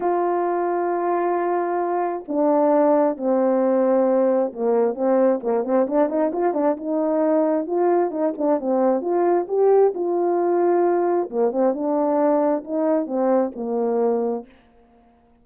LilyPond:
\new Staff \with { instrumentName = "horn" } { \time 4/4 \tempo 4 = 133 f'1~ | f'4 d'2 c'4~ | c'2 ais4 c'4 | ais8 c'8 d'8 dis'8 f'8 d'8 dis'4~ |
dis'4 f'4 dis'8 d'8 c'4 | f'4 g'4 f'2~ | f'4 ais8 c'8 d'2 | dis'4 c'4 ais2 | }